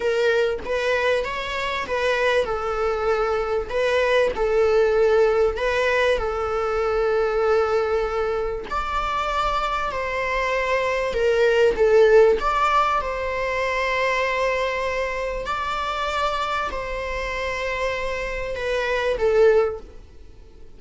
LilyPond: \new Staff \with { instrumentName = "viola" } { \time 4/4 \tempo 4 = 97 ais'4 b'4 cis''4 b'4 | a'2 b'4 a'4~ | a'4 b'4 a'2~ | a'2 d''2 |
c''2 ais'4 a'4 | d''4 c''2.~ | c''4 d''2 c''4~ | c''2 b'4 a'4 | }